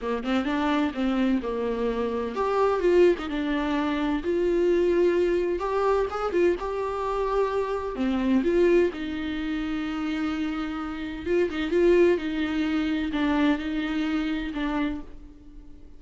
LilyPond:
\new Staff \with { instrumentName = "viola" } { \time 4/4 \tempo 4 = 128 ais8 c'8 d'4 c'4 ais4~ | ais4 g'4 f'8. dis'16 d'4~ | d'4 f'2. | g'4 gis'8 f'8 g'2~ |
g'4 c'4 f'4 dis'4~ | dis'1 | f'8 dis'8 f'4 dis'2 | d'4 dis'2 d'4 | }